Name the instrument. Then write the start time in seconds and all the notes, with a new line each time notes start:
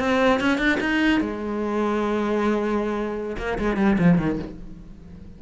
cello
0.00 C4
0.41 C#4
0.58 D4
0.81 D#4
1.21 G#3
3.38 A#3
3.59 G#3
3.77 G3
3.99 F3
4.18 D#3